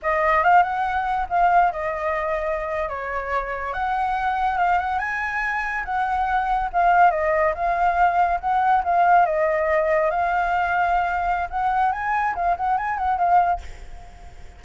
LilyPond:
\new Staff \with { instrumentName = "flute" } { \time 4/4 \tempo 4 = 141 dis''4 f''8 fis''4. f''4 | dis''2~ dis''8. cis''4~ cis''16~ | cis''8. fis''2 f''8 fis''8 gis''16~ | gis''4.~ gis''16 fis''2 f''16~ |
f''8. dis''4 f''2 fis''16~ | fis''8. f''4 dis''2 f''16~ | f''2. fis''4 | gis''4 f''8 fis''8 gis''8 fis''8 f''4 | }